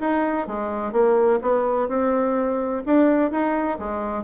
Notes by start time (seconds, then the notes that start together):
0.00 D#4
0.47 G#3
0.92 A#3
1.42 B3
1.88 C4
2.86 D4
3.31 D#4
3.79 G#3